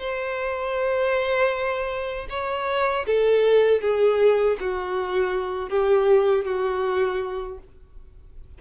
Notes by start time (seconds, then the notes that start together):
0.00 C5
2.30 C#5
3.07 A4
3.81 G#4
4.61 F#4
5.70 G4
6.45 F#4